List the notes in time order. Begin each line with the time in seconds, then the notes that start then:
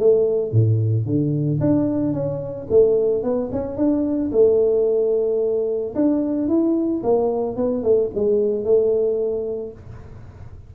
0.00 A3
0.52 A2
1.06 D3
1.61 D4
2.14 C#4
2.70 A3
3.23 B3
3.52 C#4
3.77 D4
4.32 A3
5.96 D4
6.48 E4
7.04 A#3
7.57 B3
7.83 A3
8.15 G#3
8.65 A3